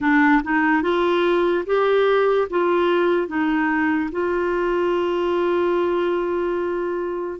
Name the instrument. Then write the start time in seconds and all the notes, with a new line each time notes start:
clarinet
0.00 D4
0.43 D#4
0.82 F4
1.66 G4
2.50 F4
3.27 D#4
4.11 F4